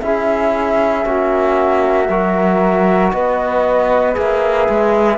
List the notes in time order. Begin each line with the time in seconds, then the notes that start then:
0.00 C#4 E4 G#4 E5
1.03 A#3 C#4 F#4
2.09 F#3 F#4 A#4
3.11 B3 B4 D#5
4.14 A#3 G#4 E5
4.69 G#3